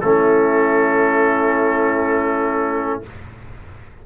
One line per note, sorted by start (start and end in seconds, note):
0.00 3.02 A3
0.00 3.03 C#4
0.00 3.00 A4
0.06 3.06 E4